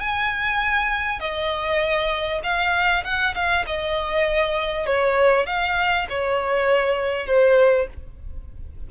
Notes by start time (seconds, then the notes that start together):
0.00 G#5
1.20 D#5
2.44 F5
3.04 F#5
3.35 F5
3.67 D#5
4.87 C#5
5.47 F5
6.10 C#5
7.27 C5